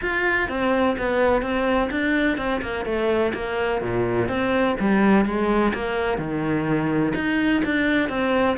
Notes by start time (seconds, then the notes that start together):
0.01 F4
0.48 C4
0.98 B3
1.42 C4
1.90 D4
2.37 C4
2.61 A#3
2.85 A3
3.34 A#3
3.81 A#2
4.28 C4
4.79 G3
5.25 G#3
5.73 A#3
6.18 D#3
7.15 D#4
7.65 D4
8.09 C4